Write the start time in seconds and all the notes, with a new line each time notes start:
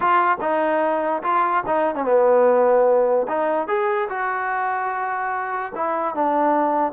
0.00 F4
0.40 D#4
1.22 F4
1.66 D#4
1.95 C#4
2.04 B3
3.28 D#4
3.67 G#4
4.09 F#4
5.75 E4
6.14 D4